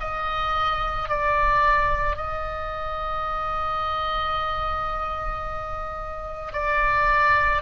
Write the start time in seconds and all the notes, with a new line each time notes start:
0.00 D#5
1.09 D5
2.17 D#5
6.53 D5